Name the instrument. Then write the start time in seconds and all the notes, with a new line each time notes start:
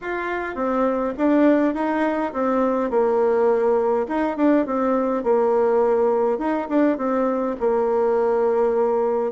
bassoon
0.01 F4
0.55 C4
1.17 D4
1.74 D#4
2.33 C4
2.90 A#3
4.08 D#4
4.36 D4
4.65 C4
5.23 A#3
6.38 D#4
6.69 D4
6.97 C4
7.60 A#3